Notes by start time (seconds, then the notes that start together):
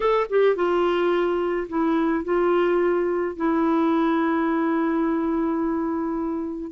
0.00 A4
0.29 G4
0.55 F4
1.68 E4
2.24 F4
3.36 E4